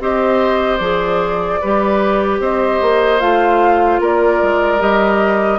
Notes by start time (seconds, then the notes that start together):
0.00 C4 G4 C5 D#5
0.77 F3 G#4 D5
1.61 G3 G4 B4
2.40 C4 C5 D#5
2.82 A#3
3.20 A3 F4 F5
4.00 A#3 A#4 D5
4.43 G#3
4.79 G3 G4 D#5